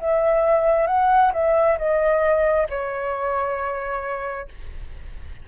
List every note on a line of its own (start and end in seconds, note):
0.00 0.88 E5
0.88 1.32 F#5
1.33 1.78 E5
1.78 2.68 D#5
2.69 4.49 C#5